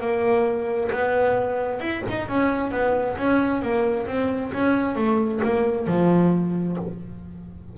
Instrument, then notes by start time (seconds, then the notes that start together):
double bass
0.00 A#3
0.91 B3
1.80 E4
2.09 D#4
2.28 C#4
2.71 B3
3.17 C#4
3.62 A#3
4.07 C4
4.53 C#4
4.95 A3
5.43 A#3
5.87 F3